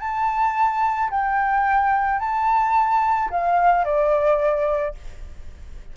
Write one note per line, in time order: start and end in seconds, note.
0.00 1.10 A5
1.11 2.20 G5
2.20 3.30 A5
3.31 3.85 F5
3.85 4.95 D5